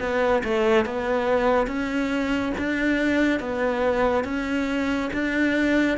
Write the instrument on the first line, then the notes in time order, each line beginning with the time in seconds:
cello
0.00 B3
0.44 A3
0.86 B3
1.67 C#4
2.58 D4
3.40 B3
4.25 C#4
5.13 D4